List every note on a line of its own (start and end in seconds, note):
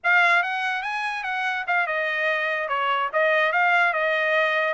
0.03 0.43 F5
0.43 0.82 F#5
0.82 1.23 G#5
1.23 1.65 F#5
1.67 1.86 F5
1.86 2.68 D#5
2.68 3.09 C#5
3.12 3.52 D#5
3.52 3.93 F5
3.93 4.74 D#5